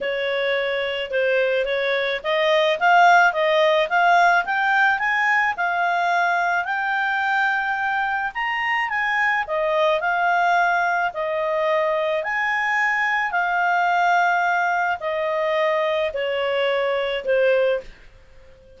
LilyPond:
\new Staff \with { instrumentName = "clarinet" } { \time 4/4 \tempo 4 = 108 cis''2 c''4 cis''4 | dis''4 f''4 dis''4 f''4 | g''4 gis''4 f''2 | g''2. ais''4 |
gis''4 dis''4 f''2 | dis''2 gis''2 | f''2. dis''4~ | dis''4 cis''2 c''4 | }